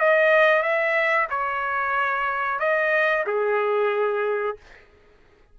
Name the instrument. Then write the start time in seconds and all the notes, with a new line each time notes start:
trumpet
0.00 D#5
0.63 E5
1.30 C#5
2.59 D#5
3.27 G#4